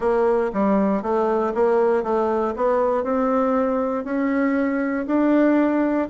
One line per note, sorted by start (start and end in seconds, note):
0.00 0.51 A#3
0.53 1.02 G3
1.02 1.53 A3
1.54 2.03 A#3
2.03 2.54 A3
2.55 3.03 B3
3.03 4.04 C4
4.04 5.06 C#4
5.06 6.08 D4